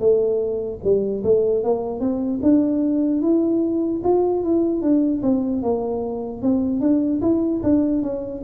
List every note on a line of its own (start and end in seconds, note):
0.00 0.80 A3
0.84 1.24 G3
1.24 1.64 A3
1.64 2.01 A#3
2.01 2.41 C4
2.43 3.22 D4
3.22 4.02 E4
4.04 4.44 F4
4.44 4.82 E4
4.82 5.22 D4
5.23 5.63 C4
5.63 6.43 A#3
6.43 6.81 C4
6.81 7.21 D4
7.22 7.62 E4
7.64 8.03 D4
8.03 8.43 C#4